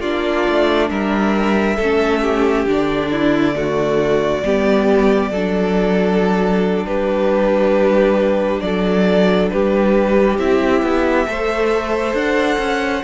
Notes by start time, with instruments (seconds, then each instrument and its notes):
0.00 cello A#3, viola D4, violin F4 D5
0.48 cello A3
0.90 cello G3, violin A#4 E5
1.76 cello A3, viola C#4, violin A4
2.21 violin G4
2.65 cello D3, viola D4, violin D5
3.11 violin E4
3.54 viola A3, violin F#4
4.43 cello G3, viola B3, violin G4
5.31 cello F#3, viola D4, violin A4
6.84 cello G3, violin G4 B4
8.60 cello F#3, violin A4 D5
9.49 cello G3, violin G4 B4
10.38 cello C4, viola E4, violin E5
10.82 cello B3
11.26 cello A3, viola A4, violin C5
12.13 cello D4, violin F#5
12.58 cello C#4